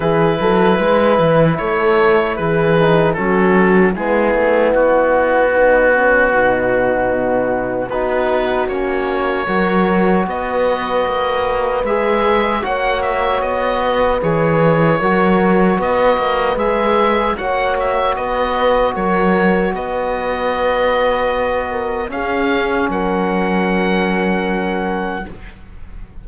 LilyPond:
<<
  \new Staff \with { instrumentName = "oboe" } { \time 4/4 \tempo 4 = 76 b'2 cis''4 b'4 | a'4 gis'4 fis'2~ | fis'2 b'4 cis''4~ | cis''4 dis''2 e''4 |
fis''8 e''8 dis''4 cis''2 | dis''4 e''4 fis''8 e''8 dis''4 | cis''4 dis''2. | f''4 fis''2. | }
  \new Staff \with { instrumentName = "horn" } { \time 4/4 gis'8 a'8 b'4 a'4 gis'4 | fis'4 e'2 dis'8 cis'8 | dis'2 fis'2 | ais'4 b'2. |
cis''4. b'4. ais'4 | b'2 cis''4 b'4 | ais'4 b'2~ b'8 ais'8 | gis'4 ais'2. | }
  \new Staff \with { instrumentName = "trombone" } { \time 4/4 e'2.~ e'8 dis'8 | cis'4 b2.~ | b2 dis'4 cis'4 | fis'2. gis'4 |
fis'2 gis'4 fis'4~ | fis'4 gis'4 fis'2~ | fis'1 | cis'1 | }
  \new Staff \with { instrumentName = "cello" } { \time 4/4 e8 fis8 gis8 e8 a4 e4 | fis4 gis8 a8 b2 | b,2 b4 ais4 | fis4 b4 ais4 gis4 |
ais4 b4 e4 fis4 | b8 ais8 gis4 ais4 b4 | fis4 b2. | cis'4 fis2. | }
>>